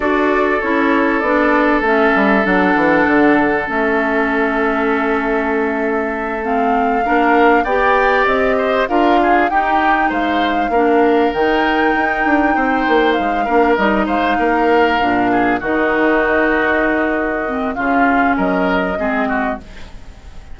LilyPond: <<
  \new Staff \with { instrumentName = "flute" } { \time 4/4 \tempo 4 = 98 d''4 cis''4 d''4 e''4 | fis''2 e''2~ | e''2~ e''8 f''4.~ | f''8 g''4 dis''4 f''4 g''8~ |
g''8 f''2 g''4.~ | g''4. f''4 dis''8 f''4~ | f''4. dis''2~ dis''8~ | dis''4 f''4 dis''2 | }
  \new Staff \with { instrumentName = "oboe" } { \time 4/4 a'1~ | a'1~ | a'2.~ a'8 ais'8~ | ais'8 d''4. c''8 ais'8 gis'8 g'8~ |
g'8 c''4 ais'2~ ais'8~ | ais'8 c''4. ais'4 c''8 ais'8~ | ais'4 gis'8 fis'2~ fis'8~ | fis'4 f'4 ais'4 gis'8 fis'8 | }
  \new Staff \with { instrumentName = "clarinet" } { \time 4/4 fis'4 e'4 d'4 cis'4 | d'2 cis'2~ | cis'2~ cis'8 c'4 d'8~ | d'8 g'2 f'4 dis'8~ |
dis'4. d'4 dis'4.~ | dis'2 d'8 dis'4.~ | dis'8 d'4 dis'2~ dis'8~ | dis'8 c'8 cis'2 c'4 | }
  \new Staff \with { instrumentName = "bassoon" } { \time 4/4 d'4 cis'4 b4 a8 g8 | fis8 e8 d4 a2~ | a2.~ a8 ais8~ | ais8 b4 c'4 d'4 dis'8~ |
dis'8 gis4 ais4 dis4 dis'8 | d'8 c'8 ais8 gis8 ais8 g8 gis8 ais8~ | ais8 ais,4 dis2~ dis8~ | dis4 cis4 fis4 gis4 | }
>>